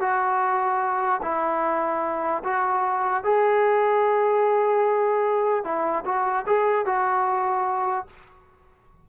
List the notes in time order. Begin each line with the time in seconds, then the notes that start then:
0.00 F#4
1.22 E4
2.43 F#4
3.23 G#4
5.64 E4
6.05 F#4
6.46 G#4
6.85 F#4